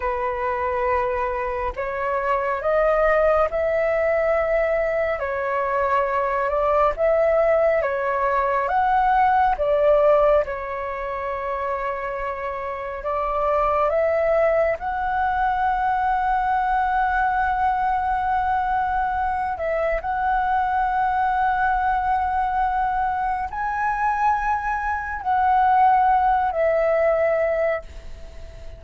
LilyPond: \new Staff \with { instrumentName = "flute" } { \time 4/4 \tempo 4 = 69 b'2 cis''4 dis''4 | e''2 cis''4. d''8 | e''4 cis''4 fis''4 d''4 | cis''2. d''4 |
e''4 fis''2.~ | fis''2~ fis''8 e''8 fis''4~ | fis''2. gis''4~ | gis''4 fis''4. e''4. | }